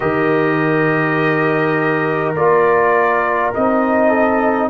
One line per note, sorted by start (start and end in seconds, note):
0.00 2.34 D#3
0.00 2.35 G4
0.00 4.08 A#4
0.00 2.33 D#5
2.34 3.52 A#3
2.34 3.53 F4
2.34 3.53 D5
3.54 4.70 C4
3.54 4.70 D#4
3.54 4.70 D#5
4.08 4.67 A4